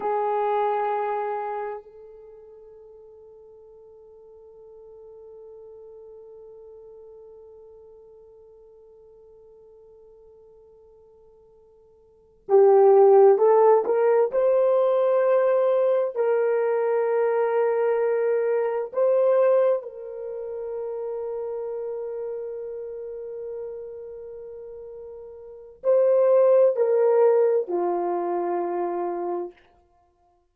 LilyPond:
\new Staff \with { instrumentName = "horn" } { \time 4/4 \tempo 4 = 65 gis'2 a'2~ | a'1~ | a'1~ | a'4. g'4 a'8 ais'8 c''8~ |
c''4. ais'2~ ais'8~ | ais'8 c''4 ais'2~ ais'8~ | ais'1 | c''4 ais'4 f'2 | }